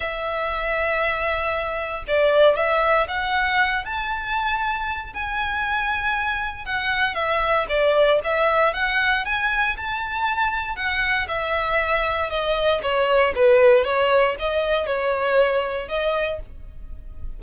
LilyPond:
\new Staff \with { instrumentName = "violin" } { \time 4/4 \tempo 4 = 117 e''1 | d''4 e''4 fis''4. a''8~ | a''2 gis''2~ | gis''4 fis''4 e''4 d''4 |
e''4 fis''4 gis''4 a''4~ | a''4 fis''4 e''2 | dis''4 cis''4 b'4 cis''4 | dis''4 cis''2 dis''4 | }